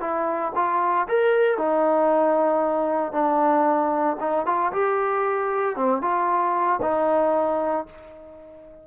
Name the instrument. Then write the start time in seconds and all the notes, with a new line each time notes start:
trombone
0.00 E4
0.55 F4
1.08 A#4
1.57 D#4
3.12 D4
4.20 D#4
4.45 F4
4.72 G4
5.76 C4
6.01 F4
6.82 D#4